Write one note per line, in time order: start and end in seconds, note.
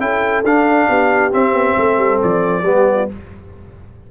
0.00 0.45 C#4
0.00 0.44 E4
0.00 0.89 A4
0.00 0.45 G5
0.45 0.89 D4
0.45 1.31 D4
0.45 1.33 F5
0.89 1.33 B3
0.89 1.78 G4
1.31 2.64 C4
1.31 1.53 C4
1.31 2.22 E5
1.53 1.75 B3
1.77 1.98 A3
1.77 2.62 A4
1.98 2.20 G3
2.23 2.63 F3
2.23 3.11 D5
2.62 3.08 G3
2.62 3.09 B3
2.62 2.96 G4
2.96 3.07 F4